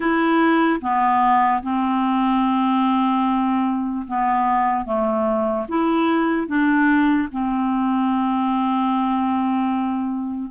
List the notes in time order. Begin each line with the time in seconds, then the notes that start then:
0.00 E4
0.81 B3
1.63 C4
4.07 B3
4.85 A3
5.68 E4
6.47 D4
7.31 C4